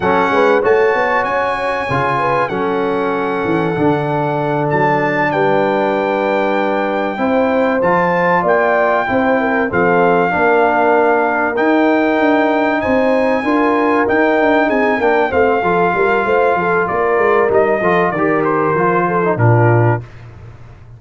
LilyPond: <<
  \new Staff \with { instrumentName = "trumpet" } { \time 4/4 \tempo 4 = 96 fis''4 a''4 gis''2 | fis''2.~ fis''8 a''8~ | a''8 g''2.~ g''8~ | g''8 a''4 g''2 f''8~ |
f''2~ f''8 g''4.~ | g''8 gis''2 g''4 gis''8 | g''8 f''2~ f''8 d''4 | dis''4 d''8 c''4. ais'4 | }
  \new Staff \with { instrumentName = "horn" } { \time 4/4 a'8 b'8 cis''2~ cis''8 b'8 | a'1~ | a'8 b'2. c''8~ | c''4. d''4 c''8 ais'8 a'8~ |
a'8 ais'2.~ ais'8~ | ais'8 c''4 ais'2 gis'8 | ais'8 c''8 a'8 ais'8 c''8 a'8 ais'4~ | ais'8 a'8 ais'4. a'8 f'4 | }
  \new Staff \with { instrumentName = "trombone" } { \time 4/4 cis'4 fis'2 f'4 | cis'2 d'2~ | d'2.~ d'8 e'8~ | e'8 f'2 e'4 c'8~ |
c'8 d'2 dis'4.~ | dis'4. f'4 dis'4. | d'8 c'8 f'2. | dis'8 f'8 g'4 f'8. dis'16 d'4 | }
  \new Staff \with { instrumentName = "tuba" } { \time 4/4 fis8 gis8 a8 b8 cis'4 cis4 | fis4. e8 d4. fis8~ | fis8 g2. c'8~ | c'8 f4 ais4 c'4 f8~ |
f8 ais2 dis'4 d'8~ | d'8 c'4 d'4 dis'8 d'8 c'8 | ais8 a8 f8 g8 a8 f8 ais8 gis8 | g8 f8 dis4 f4 ais,4 | }
>>